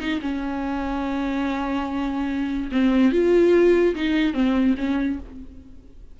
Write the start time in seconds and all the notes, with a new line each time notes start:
0.00 D#4
0.22 C#4
2.72 C4
3.12 F4
3.96 D#4
4.34 C4
4.78 C#4